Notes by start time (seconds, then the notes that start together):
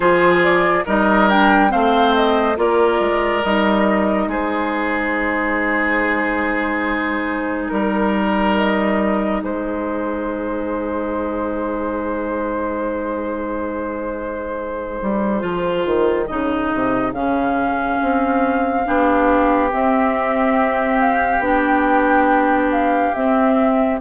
0.00 F3 F4 G#4 C5
0.43 D5
0.85 G3 D#4 A#4 D#5
1.29 D4 G5
1.69 A3 C4 C5 F5
2.14 D#5
2.56 A#3 F4 A#4 D5
2.99 G#3
3.43 G3 D#4 D#5
4.27 G#3 G#4 C5
7.68 G3 A#4
8.56 D#5
9.42 G#3 G#4 C5
15.01 G3
15.40 F3 F4
15.85 D#3
16.26 C#3 D#4 D#5
16.74 C3
17.12 C#3 C#4 F5
18.02 C4
18.84 B3 D4 G4
19.71 C4 E5
21.00 F5
21.39 B3 D4 G5
22.72 F5
23.14 C4 E5